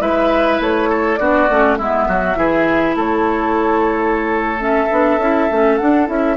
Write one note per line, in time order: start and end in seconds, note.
0.00 0.60 G#3
0.00 1.19 E4
0.00 0.90 B4
0.00 0.61 E5
0.61 1.20 A3
0.61 1.17 C#5
0.90 1.19 A4
1.17 1.49 B3
1.17 1.49 D4
1.17 1.79 F#4
1.17 1.76 D5
1.50 1.79 A3
1.50 1.80 C#4
1.78 2.08 G#3
1.78 2.36 B3
1.78 2.08 E4
1.78 2.97 E5
2.08 2.36 F#3
2.08 2.38 F#4
2.36 2.96 E3
2.36 4.58 E4
2.36 2.96 G#4
2.96 4.89 A3
2.96 6.38 A4
2.96 4.62 C#5
4.59 4.88 C#4
4.59 5.78 E5
4.91 5.18 B3
4.91 5.21 D4
5.18 5.48 C#4
5.18 5.51 E4
5.51 5.81 A3
5.51 5.81 C#4
5.78 6.07 D4
5.78 6.09 D4
5.78 6.07 F#5
6.07 6.38 C#4
6.07 6.37 E4
6.07 6.38 E5